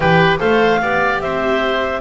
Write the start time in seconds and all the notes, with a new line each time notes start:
0.00 E3 G4 B4 G5
0.39 A3 A4 C5 F5
0.81 B3 G4 D5
1.20 C4 C5 E5